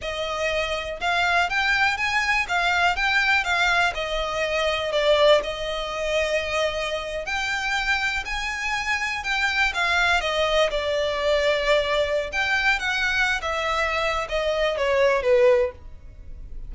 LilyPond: \new Staff \with { instrumentName = "violin" } { \time 4/4 \tempo 4 = 122 dis''2 f''4 g''4 | gis''4 f''4 g''4 f''4 | dis''2 d''4 dis''4~ | dis''2~ dis''8. g''4~ g''16~ |
g''8. gis''2 g''4 f''16~ | f''8. dis''4 d''2~ d''16~ | d''4 g''4 fis''4~ fis''16 e''8.~ | e''4 dis''4 cis''4 b'4 | }